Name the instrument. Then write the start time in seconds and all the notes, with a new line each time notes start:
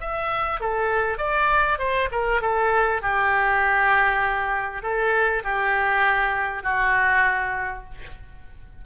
oboe
0.00 E5
0.60 A4
1.18 D5
1.78 C5
2.11 A#4
2.41 A4
3.02 G4
4.82 A4
5.44 G4
6.63 F#4